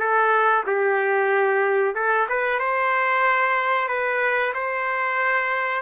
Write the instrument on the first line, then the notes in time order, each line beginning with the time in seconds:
trumpet
0.00 A4
0.67 G4
1.95 A4
2.29 B4
2.60 C5
3.89 B4
4.54 C5